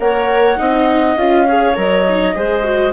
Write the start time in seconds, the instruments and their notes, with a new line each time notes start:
0.00 bassoon A#3, viola A#4, clarinet C#5, flute F#5
0.57 bassoon C4, viola D#4, clarinet D#5
1.17 bassoon C#4, viola F4, flute F5
1.47 viola G#4, clarinet C#5
1.76 bassoon F#3, viola A#4, flute D#5
2.09 viola D#4
2.35 bassoon G#3, viola G#4, clarinet C5
2.64 viola F#4